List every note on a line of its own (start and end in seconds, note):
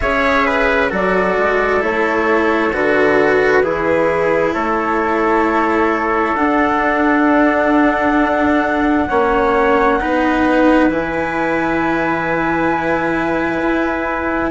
0.00 0.91 C#4
0.00 0.89 G#4
0.00 0.46 C#5
0.00 0.90 E5
0.46 0.90 B4
0.89 1.37 F#3
0.89 1.80 F#4
0.89 3.62 A4
0.89 1.83 D5
1.38 1.82 G#3
1.80 2.72 A3
1.80 2.71 E4
1.80 2.73 C#5
2.72 3.63 D3
2.72 3.63 F#4
2.72 4.54 B4
3.63 4.54 E3
3.63 6.36 E4
3.63 4.53 G#4
4.53 6.35 A3
4.53 9.08 A4
4.53 6.35 C#5
6.35 9.07 D4
6.35 9.09 D4
6.35 10.89 F#5
9.08 10.01 A#3
9.08 10.00 C#4
9.08 9.99 C#5
10.00 10.88 B3
10.00 10.90 D#4
10.00 14.51 B4
10.88 13.61 E3
10.88 14.51 E4
10.88 14.51 G#5
13.62 14.51 E4